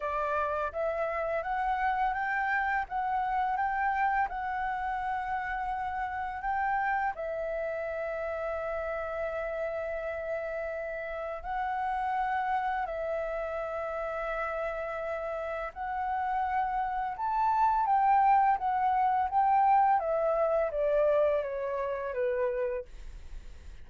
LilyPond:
\new Staff \with { instrumentName = "flute" } { \time 4/4 \tempo 4 = 84 d''4 e''4 fis''4 g''4 | fis''4 g''4 fis''2~ | fis''4 g''4 e''2~ | e''1 |
fis''2 e''2~ | e''2 fis''2 | a''4 g''4 fis''4 g''4 | e''4 d''4 cis''4 b'4 | }